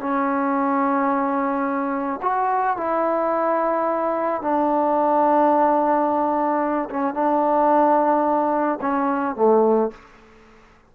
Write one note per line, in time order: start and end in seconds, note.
0.00 2.20 C#4
2.22 2.77 F#4
2.77 4.42 E4
4.42 6.90 D4
6.90 7.14 C#4
7.14 8.79 D4
8.81 9.36 C#4
9.36 9.91 A3